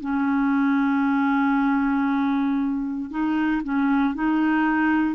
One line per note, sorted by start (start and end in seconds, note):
0.00 3.10 C#4
3.10 3.62 D#4
3.63 4.14 C#4
4.14 5.15 D#4